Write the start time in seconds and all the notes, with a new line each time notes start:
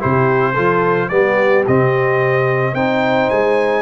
0.00 C3 E4 G4 C5
0.54 F3 F4 A4
1.09 G3 B3 G4 D5
1.68 C3 C4 D#5
2.74 C4 D#4 C5 G5
3.30 G#3 G#5